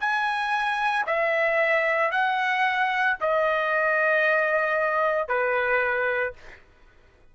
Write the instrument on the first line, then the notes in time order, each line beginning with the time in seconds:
trumpet
0.00 G#5
1.06 E5
2.11 F#5
3.20 D#5
5.28 B4